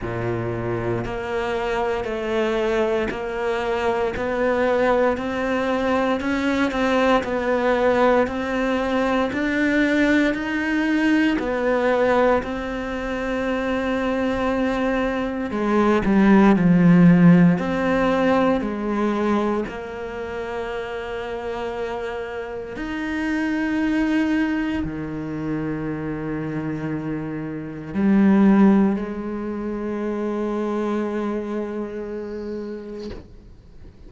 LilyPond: \new Staff \with { instrumentName = "cello" } { \time 4/4 \tempo 4 = 58 ais,4 ais4 a4 ais4 | b4 c'4 cis'8 c'8 b4 | c'4 d'4 dis'4 b4 | c'2. gis8 g8 |
f4 c'4 gis4 ais4~ | ais2 dis'2 | dis2. g4 | gis1 | }